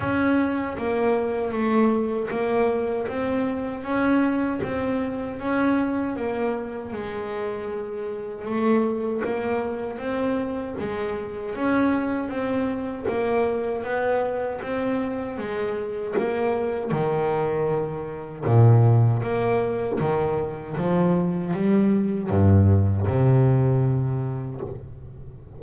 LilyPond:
\new Staff \with { instrumentName = "double bass" } { \time 4/4 \tempo 4 = 78 cis'4 ais4 a4 ais4 | c'4 cis'4 c'4 cis'4 | ais4 gis2 a4 | ais4 c'4 gis4 cis'4 |
c'4 ais4 b4 c'4 | gis4 ais4 dis2 | ais,4 ais4 dis4 f4 | g4 g,4 c2 | }